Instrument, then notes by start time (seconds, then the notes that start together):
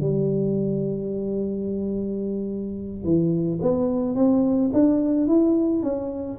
tuba
0.00 G3
3.04 E3
3.61 B3
4.15 C4
4.73 D4
5.27 E4
5.83 C#4